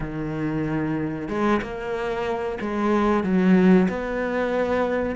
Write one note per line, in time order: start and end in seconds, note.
0.00 1.28 D#3
1.28 1.60 G#3
1.61 2.58 A#3
2.60 3.23 G#3
3.23 3.88 F#3
3.88 5.15 B3